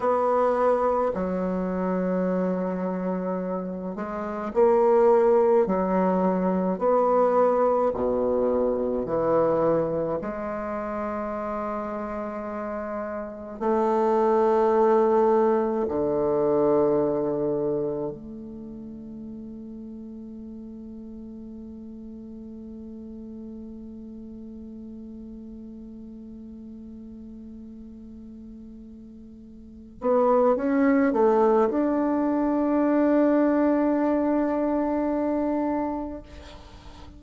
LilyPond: \new Staff \with { instrumentName = "bassoon" } { \time 4/4 \tempo 4 = 53 b4 fis2~ fis8 gis8 | ais4 fis4 b4 b,4 | e4 gis2. | a2 d2 |
a1~ | a1~ | a2~ a8 b8 cis'8 a8 | d'1 | }